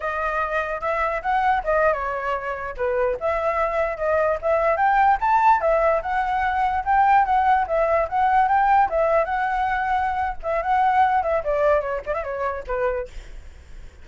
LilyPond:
\new Staff \with { instrumentName = "flute" } { \time 4/4 \tempo 4 = 147 dis''2 e''4 fis''4 | dis''8. cis''2 b'4 e''16~ | e''4.~ e''16 dis''4 e''4 g''16~ | g''8. a''4 e''4 fis''4~ fis''16~ |
fis''8. g''4 fis''4 e''4 fis''16~ | fis''8. g''4 e''4 fis''4~ fis''16~ | fis''4. e''8 fis''4. e''8 | d''4 cis''8 d''16 e''16 cis''4 b'4 | }